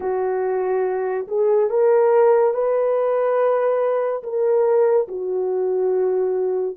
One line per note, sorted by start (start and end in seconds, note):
0.00 1.27 F#4
1.27 1.69 G#4
1.69 2.54 A#4
2.54 4.23 B4
4.23 5.07 A#4
5.07 6.76 F#4